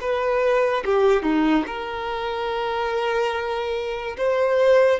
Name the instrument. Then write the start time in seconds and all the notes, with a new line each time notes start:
violin
0.00 B4
0.85 G4
1.22 D#4
1.66 A#4
4.17 C5